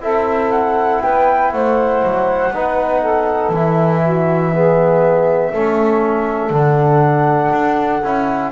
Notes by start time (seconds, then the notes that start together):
0.00 C4 E4 A4 E5
0.51 F#5
1.01 B3 B4 G5
1.51 A3 C5 F#5
2.03 F#3
2.50 B3 D#4 B4
3.01 A4
3.49 E3 E4 E5
4.03 F#4
4.53 B3 G#4
5.51 A3 C#4 A4
6.50 D3 D4 F#5
7.52 D4
8.03 C#4 E4